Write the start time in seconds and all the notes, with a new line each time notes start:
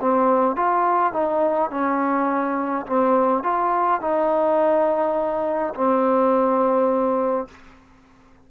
0.00 C4
0.56 F4
1.12 D#4
1.70 C#4
2.86 C4
3.43 F4
4.00 D#4
5.74 C4